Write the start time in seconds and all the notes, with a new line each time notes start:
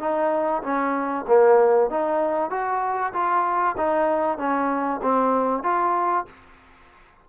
0.00 D#4
0.63 C#4
1.28 A#3
1.90 D#4
2.51 F#4
3.13 F4
3.77 D#4
4.38 C#4
5.03 C4
5.63 F4